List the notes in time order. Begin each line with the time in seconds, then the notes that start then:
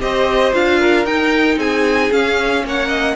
0.00 C4 G4 C5 D#5
0.52 D4 F4 F5
0.79 A#4
1.05 D#4 G5
1.57 C4 G#4 G#5
2.11 C#4 F5
2.63 A#3 C#5 F#5
2.88 D#5